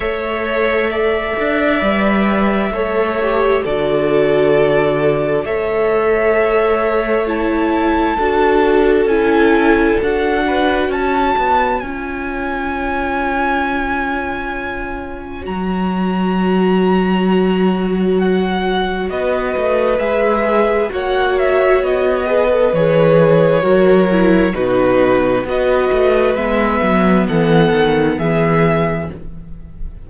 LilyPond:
<<
  \new Staff \with { instrumentName = "violin" } { \time 4/4 \tempo 4 = 66 e''1 | d''2 e''2 | a''2 gis''4 fis''4 | a''4 gis''2.~ |
gis''4 ais''2. | fis''4 dis''4 e''4 fis''8 e''8 | dis''4 cis''2 b'4 | dis''4 e''4 fis''4 e''4 | }
  \new Staff \with { instrumentName = "violin" } { \time 4/4 cis''4 d''2 cis''4 | a'2 cis''2~ | cis''4 a'2~ a'8 b'8 | cis''1~ |
cis''1~ | cis''4 b'2 cis''4~ | cis''8 b'4. ais'4 fis'4 | b'2 a'4 gis'4 | }
  \new Staff \with { instrumentName = "viola" } { \time 4/4 a'2 b'4 a'8 g'8 | fis'2 a'2 | e'4 fis'4 e'4 fis'4~ | fis'4 f'2.~ |
f'4 fis'2.~ | fis'2 gis'4 fis'4~ | fis'8 gis'16 a'16 gis'4 fis'8 e'8 dis'4 | fis'4 b2. | }
  \new Staff \with { instrumentName = "cello" } { \time 4/4 a4. d'8 g4 a4 | d2 a2~ | a4 d'4 cis'4 d'4 | cis'8 b8 cis'2.~ |
cis'4 fis2.~ | fis4 b8 a8 gis4 ais4 | b4 e4 fis4 b,4 | b8 a8 gis8 fis8 e8 dis8 e4 | }
>>